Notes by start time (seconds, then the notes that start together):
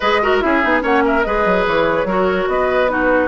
0.00 G#3 G#4 B4 D#5
0.22 F#4 A#4
0.39 C#4 E4 G#4 E5
0.62 B3 D#4
0.81 A#3 C#4 C#5 F#5
1.05 A#4 E5
1.22 G#3 G#4 B4 D#5
1.45 F#3
1.66 E3 C#5
2.04 F#3 F#4 A#4
2.47 B3 B4 D#5
2.88 D#4 F#4 B4